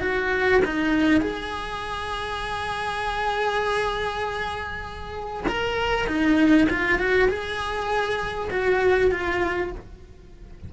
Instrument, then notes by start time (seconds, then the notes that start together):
cello
0.00 F#4
0.64 D#4
1.20 G#4
5.48 A#4
6.07 D#4
6.69 F4
6.99 F#4
7.28 G#4
8.50 F#4
9.11 F4